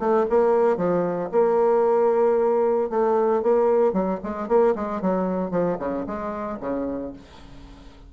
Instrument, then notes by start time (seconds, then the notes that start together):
bassoon
0.00 A3
0.30 A#3
0.78 F3
1.32 A#3
2.90 A3
3.43 A#3
3.94 F#3
4.24 G#3
4.49 A#3
4.76 G#3
5.02 F#3
5.51 F3
5.79 C#3
6.07 G#3
6.61 C#3